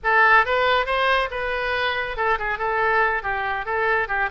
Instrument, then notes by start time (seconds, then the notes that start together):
oboe
0.03 A4
0.45 B4
0.86 C5
1.30 B4
2.16 A4
2.38 G#4
2.58 A4
3.22 G4
3.65 A4
4.08 G4